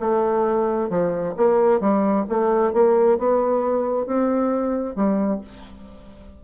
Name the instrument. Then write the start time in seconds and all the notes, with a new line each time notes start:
bassoon
0.00 A3
0.90 F3
1.37 A#3
1.81 G3
2.29 A3
2.74 A#3
3.19 B3
4.07 C4
4.96 G3